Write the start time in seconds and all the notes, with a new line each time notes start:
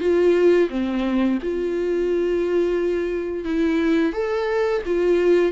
0.00 F4
0.69 C4
1.42 F4
3.45 E4
4.13 A4
4.86 F4